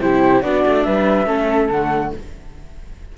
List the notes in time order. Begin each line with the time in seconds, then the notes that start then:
0.00 C3 E4 G4 C5
0.41 B3 D4 F#4 D5
0.66 A3
0.83 G3 B4 E5
1.26 A3 C#4 A4
1.70 D3 A3 F#5